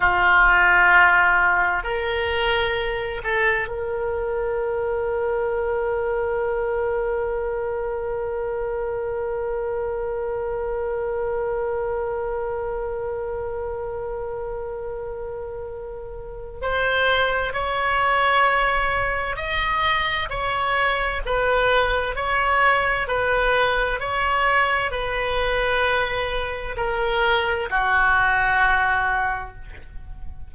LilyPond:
\new Staff \with { instrumentName = "oboe" } { \time 4/4 \tempo 4 = 65 f'2 ais'4. a'8 | ais'1~ | ais'1~ | ais'1~ |
ais'2 c''4 cis''4~ | cis''4 dis''4 cis''4 b'4 | cis''4 b'4 cis''4 b'4~ | b'4 ais'4 fis'2 | }